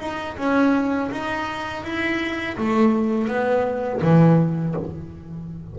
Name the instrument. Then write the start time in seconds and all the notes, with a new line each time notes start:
double bass
0.00 D#4
0.38 C#4
1.11 D#4
1.84 E4
2.57 A3
3.28 B3
4.02 E3